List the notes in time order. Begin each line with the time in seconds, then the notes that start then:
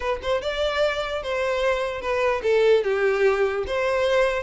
0.00 B4
0.22 C5
0.41 D5
1.22 C5
2.01 B4
2.43 A4
2.83 G4
3.66 C5